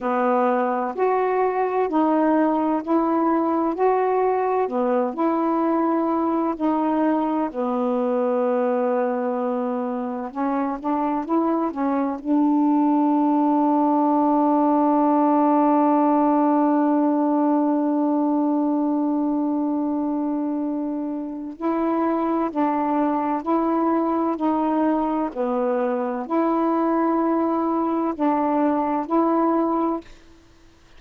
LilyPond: \new Staff \with { instrumentName = "saxophone" } { \time 4/4 \tempo 4 = 64 b4 fis'4 dis'4 e'4 | fis'4 b8 e'4. dis'4 | b2. cis'8 d'8 | e'8 cis'8 d'2.~ |
d'1~ | d'2. e'4 | d'4 e'4 dis'4 b4 | e'2 d'4 e'4 | }